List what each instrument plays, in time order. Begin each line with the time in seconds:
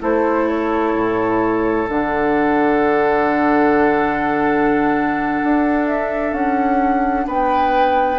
0.00 bassoon A3, clarinet E4, oboe A4, flute C5
0.48 flute C#5
0.94 bassoon A2
1.88 bassoon D3, clarinet D4, flute F#5
5.43 bassoon D4
5.87 flute E5
6.32 bassoon C#4, flute F#5
7.27 bassoon B3, oboe B4, flute G5